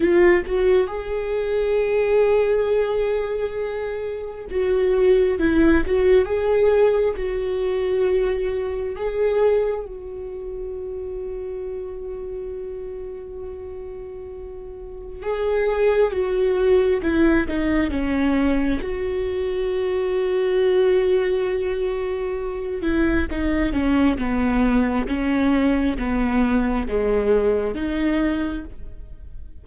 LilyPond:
\new Staff \with { instrumentName = "viola" } { \time 4/4 \tempo 4 = 67 f'8 fis'8 gis'2.~ | gis'4 fis'4 e'8 fis'8 gis'4 | fis'2 gis'4 fis'4~ | fis'1~ |
fis'4 gis'4 fis'4 e'8 dis'8 | cis'4 fis'2.~ | fis'4. e'8 dis'8 cis'8 b4 | cis'4 b4 gis4 dis'4 | }